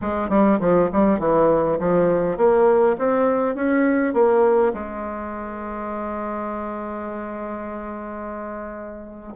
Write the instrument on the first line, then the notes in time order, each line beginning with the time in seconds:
bassoon
0.01 G#3
0.29 G3
0.59 F3
0.92 G3
1.19 E3
1.79 F3
2.37 A#3
2.98 C4
3.55 C#4
4.13 A#3
4.73 G#3